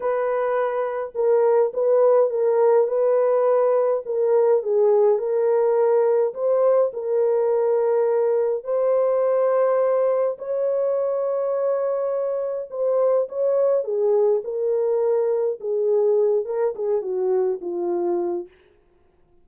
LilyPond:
\new Staff \with { instrumentName = "horn" } { \time 4/4 \tempo 4 = 104 b'2 ais'4 b'4 | ais'4 b'2 ais'4 | gis'4 ais'2 c''4 | ais'2. c''4~ |
c''2 cis''2~ | cis''2 c''4 cis''4 | gis'4 ais'2 gis'4~ | gis'8 ais'8 gis'8 fis'4 f'4. | }